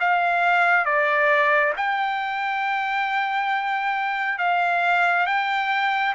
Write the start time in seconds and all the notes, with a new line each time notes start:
0.00 F5
0.85 D5
1.76 G5
4.38 F5
5.26 G5